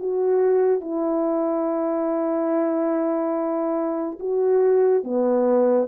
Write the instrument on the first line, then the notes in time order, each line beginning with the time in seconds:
horn
0.00 F#4
0.81 E4
4.20 F#4
5.04 B3